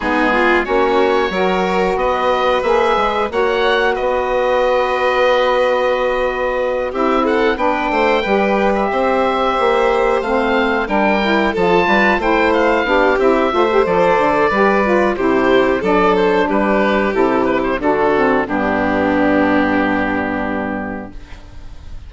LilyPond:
<<
  \new Staff \with { instrumentName = "oboe" } { \time 4/4 \tempo 4 = 91 gis'4 cis''2 dis''4 | e''4 fis''4 dis''2~ | dis''2~ dis''8 e''8 fis''8 g''8~ | g''4~ g''16 e''2~ e''16 f''8~ |
f''8 g''4 a''4 g''8 f''4 | e''4 d''2 c''4 | d''8 c''8 b'4 a'8 b'16 c''16 a'4 | g'1 | }
  \new Staff \with { instrumentName = "violin" } { \time 4/4 dis'8 f'8 fis'4 ais'4 b'4~ | b'4 cis''4 b'2~ | b'2~ b'8 g'8 a'8 b'8 | c''8 b'4 c''2~ c''8~ |
c''8 ais'4 a'8 b'8 c''4 g'8~ | g'8 c''4. b'4 g'4 | a'4 g'2 fis'4 | d'1 | }
  \new Staff \with { instrumentName = "saxophone" } { \time 4/4 b4 cis'4 fis'2 | gis'4 fis'2.~ | fis'2~ fis'8 e'4 d'8~ | d'8 g'2. c'8~ |
c'8 d'8 e'8 f'4 e'4 d'8 | e'8 f'16 g'16 a'4 g'8 f'8 e'4 | d'2 e'4 d'8 c'8 | b1 | }
  \new Staff \with { instrumentName = "bassoon" } { \time 4/4 gis4 ais4 fis4 b4 | ais8 gis8 ais4 b2~ | b2~ b8 c'4 b8 | a8 g4 c'4 ais4 a8~ |
a8 g4 f8 g8 a4 b8 | c'8 a8 f8 d8 g4 c4 | fis4 g4 c4 d4 | g,1 | }
>>